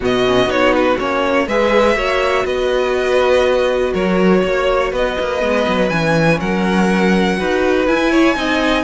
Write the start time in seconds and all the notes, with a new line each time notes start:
0.00 B2 B3 F#4 D#5
0.26 C#4
0.45 B3 D#4 C#5
0.73 B4
0.99 A#3 C#4 C#5
1.47 G#3 G#4 B4 E5
1.95 A#3 F#4 C#5
2.44 B3 B4 D#5
3.92 F#3 A#4 C#5
4.44 A#3 C#5
4.92 B3 B4 D#5
5.20 A#3
5.38 G#3 B3
5.68 F#3
5.89 E3 C#4 G#5
6.39 F#3 A#4 F#5
7.37 D#4 F#4 B4
7.87 E4 G#5
8.11 C#5
8.35 C4 D#4 D#5